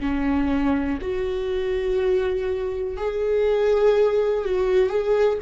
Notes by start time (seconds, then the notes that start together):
0.00 C#4
1.01 F#4
2.97 G#4
4.44 F#4
4.89 G#4